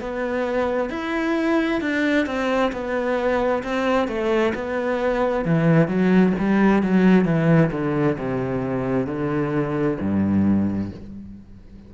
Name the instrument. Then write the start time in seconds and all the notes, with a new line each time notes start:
cello
0.00 B3
0.90 E4
1.81 D4
2.26 C4
2.72 B3
3.63 C4
4.07 A3
4.54 B3
5.45 E3
5.87 F#3
6.38 G3
6.82 F#3
7.25 E3
7.71 D3
8.17 C3
9.06 D3
10.00 G2